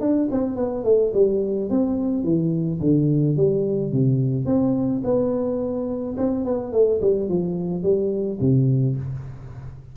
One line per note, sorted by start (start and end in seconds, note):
0.00 0.28 D4
0.31 0.56 C4
0.56 0.83 B3
0.83 1.11 A3
1.13 1.69 G3
1.69 2.23 C4
2.23 2.79 E3
2.80 3.36 D3
3.36 3.92 G3
3.92 4.45 C3
4.45 5.01 C4
5.04 6.16 B3
6.17 6.44 C4
6.44 6.72 B3
6.72 7.00 A3
7.01 7.28 G3
7.28 7.82 F3
7.82 8.39 G3
8.40 8.96 C3